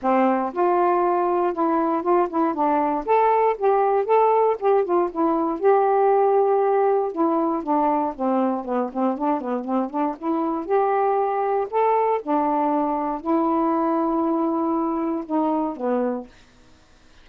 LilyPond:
\new Staff \with { instrumentName = "saxophone" } { \time 4/4 \tempo 4 = 118 c'4 f'2 e'4 | f'8 e'8 d'4 a'4 g'4 | a'4 g'8 f'8 e'4 g'4~ | g'2 e'4 d'4 |
c'4 b8 c'8 d'8 b8 c'8 d'8 | e'4 g'2 a'4 | d'2 e'2~ | e'2 dis'4 b4 | }